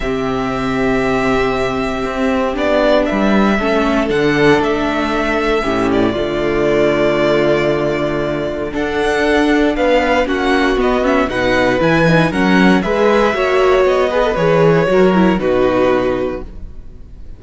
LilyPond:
<<
  \new Staff \with { instrumentName = "violin" } { \time 4/4 \tempo 4 = 117 e''1~ | e''4 d''4 e''2 | fis''4 e''2~ e''8 d''8~ | d''1~ |
d''4 fis''2 f''4 | fis''4 dis''8 e''8 fis''4 gis''4 | fis''4 e''2 dis''4 | cis''2 b'2 | }
  \new Staff \with { instrumentName = "violin" } { \time 4/4 g'1~ | g'2 b'4 a'4~ | a'2. g'4 | f'1~ |
f'4 a'2 b'4 | fis'2 b'2 | ais'4 b'4 cis''4. b'8~ | b'4 ais'4 fis'2 | }
  \new Staff \with { instrumentName = "viola" } { \time 4/4 c'1~ | c'4 d'2 cis'4 | d'2. cis'4 | a1~ |
a4 d'2. | cis'4 b8 cis'8 dis'4 e'8 dis'8 | cis'4 gis'4 fis'4. gis'16 a'16 | gis'4 fis'8 e'8 dis'2 | }
  \new Staff \with { instrumentName = "cello" } { \time 4/4 c1 | c'4 b4 g4 a4 | d4 a2 a,4 | d1~ |
d4 d'2 b4 | ais4 b4 b,4 e4 | fis4 gis4 ais4 b4 | e4 fis4 b,2 | }
>>